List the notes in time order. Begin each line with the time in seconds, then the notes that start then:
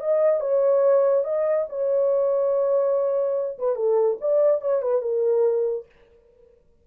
0.00 D#5
0.41 C#5
1.25 D#5
1.69 C#5
3.59 B4
3.76 A4
4.21 D5
4.61 C#5
4.82 B4
5.02 A#4